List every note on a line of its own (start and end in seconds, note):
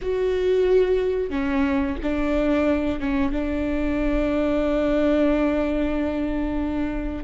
0.01 1.29 F#4
1.29 1.95 C#4
2.03 3.00 D4
3.00 3.31 C#4
3.31 7.24 D4